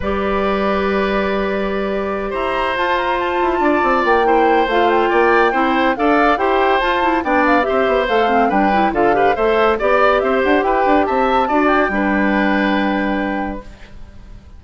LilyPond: <<
  \new Staff \with { instrumentName = "flute" } { \time 4/4 \tempo 4 = 141 d''1~ | d''4. ais''4 a''8 ais''8 a''8~ | a''4. g''4. f''8 g''8~ | g''2 f''4 g''4 |
a''4 g''8 f''8 e''4 f''4 | g''4 f''4 e''4 d''4 | e''8 fis''8 g''4 a''4. g''8~ | g''1 | }
  \new Staff \with { instrumentName = "oboe" } { \time 4/4 b'1~ | b'4. c''2~ c''8~ | c''8 d''4. c''2 | d''4 c''4 d''4 c''4~ |
c''4 d''4 c''2 | b'4 a'8 b'8 c''4 d''4 | c''4 b'4 e''4 d''4 | b'1 | }
  \new Staff \with { instrumentName = "clarinet" } { \time 4/4 g'1~ | g'2~ g'8 f'4.~ | f'2 e'4 f'4~ | f'4 e'4 a'4 g'4 |
f'8 e'8 d'4 g'4 a'8 c'8 | d'8 e'8 f'8 g'8 a'4 g'4~ | g'2. fis'4 | d'1 | }
  \new Staff \with { instrumentName = "bassoon" } { \time 4/4 g1~ | g4. e'4 f'4. | e'8 d'8 c'8 ais4. a4 | ais4 c'4 d'4 e'4 |
f'4 b4 c'8 b8 a4 | g4 d4 a4 b4 | c'8 d'8 e'8 d'8 c'4 d'4 | g1 | }
>>